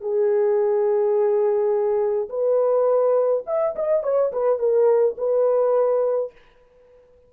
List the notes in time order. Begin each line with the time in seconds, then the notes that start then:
0.00 G#4
2.29 B4
3.46 E5
3.75 D#5
4.03 C#5
4.32 B4
4.59 A#4
5.17 B4